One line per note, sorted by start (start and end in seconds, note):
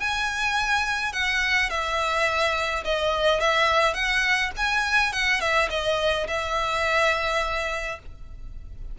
0.00 1.13 G#5
1.13 1.70 F#5
1.70 2.84 E5
2.85 3.41 D#5
3.41 3.94 E5
3.94 4.51 F#5
4.57 5.13 G#5
5.13 5.41 F#5
5.41 5.70 E5
5.70 6.27 D#5
6.28 7.99 E5